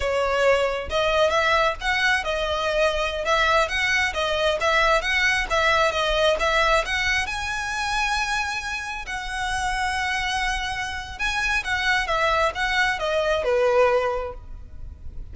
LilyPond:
\new Staff \with { instrumentName = "violin" } { \time 4/4 \tempo 4 = 134 cis''2 dis''4 e''4 | fis''4 dis''2~ dis''16 e''8.~ | e''16 fis''4 dis''4 e''4 fis''8.~ | fis''16 e''4 dis''4 e''4 fis''8.~ |
fis''16 gis''2.~ gis''8.~ | gis''16 fis''2.~ fis''8.~ | fis''4 gis''4 fis''4 e''4 | fis''4 dis''4 b'2 | }